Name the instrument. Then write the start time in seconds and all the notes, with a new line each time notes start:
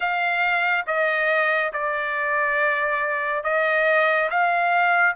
trumpet
0.00 F5
0.86 D#5
1.72 D5
3.43 D#5
4.30 F5